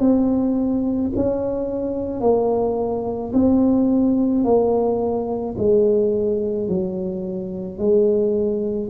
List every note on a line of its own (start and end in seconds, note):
0.00 1.11 C4
1.16 2.21 C#4
2.21 3.32 A#3
3.33 4.44 C4
4.44 5.56 A#3
5.58 6.68 G#3
6.68 7.78 F#3
7.78 8.89 G#3